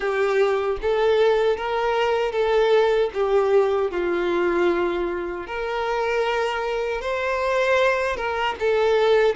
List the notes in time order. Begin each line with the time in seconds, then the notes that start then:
0.00 G4
0.81 A4
1.57 A#4
2.32 A4
3.13 G4
3.91 F4
5.47 A#4
7.01 C5
8.16 A#4
8.59 A4